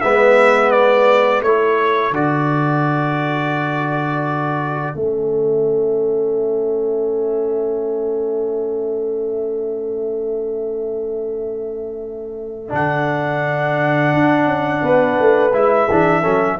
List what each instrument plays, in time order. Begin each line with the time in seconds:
0.00 tuba G#3, trombone B3, horn B4, trumpet E5
0.70 trumpet D5
1.40 tuba A3, trombone E4, horn A4, trumpet C#5
2.10 tuba D3, trombone F#4, trumpet D5
4.95 tuba A3, trombone C#4, trumpet E5
12.68 tuba D3, trombone D4, trumpet F#5
14.13 tuba D4
14.45 tuba C#4
14.82 tuba B3, horn B4
15.19 tuba A3
15.52 tuba G#3, trombone E4, trumpet E5
15.90 tuba E3, trombone D4, horn G#4
16.21 tuba F#3, trombone C#4, horn A4